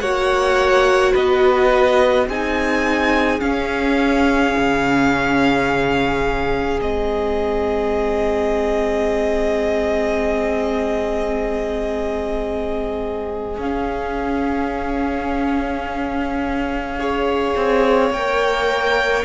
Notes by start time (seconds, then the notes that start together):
0.00 A#3 F#4 C#5 F#5
1.13 B3 B4 D#5
2.27 C4 D#4 G#4 G#5
3.39 C#4 F5
4.57 C#3
6.80 G#3 C4 D#5
13.58 C#4 F5
16.99 G#4 C#5
17.56 C4
18.10 A#3 A#4 G5